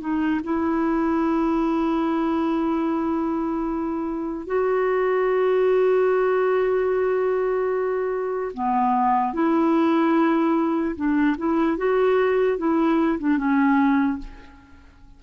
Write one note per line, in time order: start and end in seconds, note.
0.00 0.41 D#4
0.44 4.47 E4
4.47 8.52 F#4
8.54 9.34 B3
9.34 10.96 E4
10.96 11.36 D4
11.38 11.77 E4
11.77 12.58 F#4
12.58 13.19 E4
13.19 13.37 D4
13.37 14.19 C#4